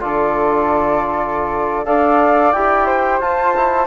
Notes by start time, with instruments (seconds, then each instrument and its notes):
0.00 bassoon D3, trombone F4, flute A4 D5
1.85 bassoon D4, trombone A4, flute D5 F5
2.52 bassoon E4, trombone G4, flute G5
2.86 flute C5
3.20 trombone F4, bassoon F4, flute A5
3.57 trombone E4